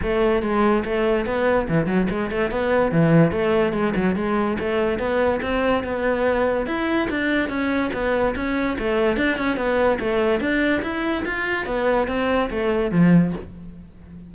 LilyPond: \new Staff \with { instrumentName = "cello" } { \time 4/4 \tempo 4 = 144 a4 gis4 a4 b4 | e8 fis8 gis8 a8 b4 e4 | a4 gis8 fis8 gis4 a4 | b4 c'4 b2 |
e'4 d'4 cis'4 b4 | cis'4 a4 d'8 cis'8 b4 | a4 d'4 e'4 f'4 | b4 c'4 a4 f4 | }